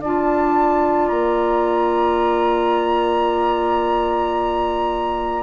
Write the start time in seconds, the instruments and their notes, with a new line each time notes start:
0.00 bassoon D4, clarinet F4, oboe D5, flute A5
1.08 bassoon A#3, flute A#5